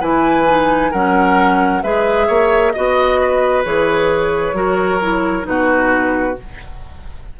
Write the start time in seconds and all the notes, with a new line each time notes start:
0.00 E3 E4 B4 G#5
0.46 D#4
0.91 F#3 C#4 A#4 F#5
1.82 G#3 G#4 B4 E5
2.27 A#3 C#5
2.72 B3 F#4 D#5
3.21 B4
3.64 E3 G#4 C#5
4.53 F#3 F#4 A#4
5.01 E4
5.42 B2 D#4 B4
5.49 F#4